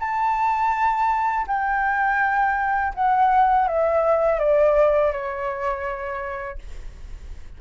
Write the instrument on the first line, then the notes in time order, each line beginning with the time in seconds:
flute
0.00 A5
1.47 G5
2.95 F#5
3.68 E5
4.40 D5
5.13 C#5